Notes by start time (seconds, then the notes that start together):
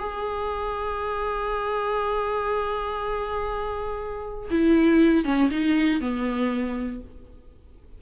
0.00 G#4
4.51 E4
5.25 C#4
5.51 D#4
6.01 B3